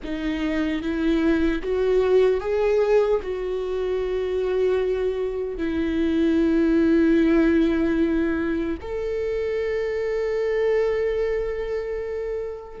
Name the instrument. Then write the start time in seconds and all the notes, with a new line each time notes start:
viola
0.03 D#4
0.82 E4
1.62 F#4
2.40 G#4
3.22 F#4
5.57 E4
8.81 A4